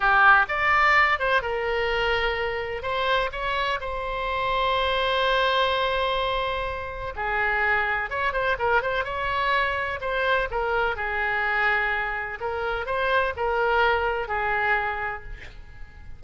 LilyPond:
\new Staff \with { instrumentName = "oboe" } { \time 4/4 \tempo 4 = 126 g'4 d''4. c''8 ais'4~ | ais'2 c''4 cis''4 | c''1~ | c''2. gis'4~ |
gis'4 cis''8 c''8 ais'8 c''8 cis''4~ | cis''4 c''4 ais'4 gis'4~ | gis'2 ais'4 c''4 | ais'2 gis'2 | }